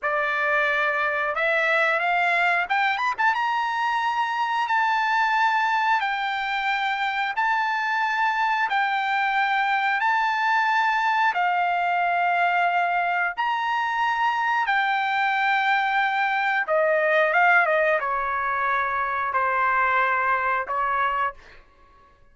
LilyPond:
\new Staff \with { instrumentName = "trumpet" } { \time 4/4 \tempo 4 = 90 d''2 e''4 f''4 | g''8 b''16 a''16 ais''2 a''4~ | a''4 g''2 a''4~ | a''4 g''2 a''4~ |
a''4 f''2. | ais''2 g''2~ | g''4 dis''4 f''8 dis''8 cis''4~ | cis''4 c''2 cis''4 | }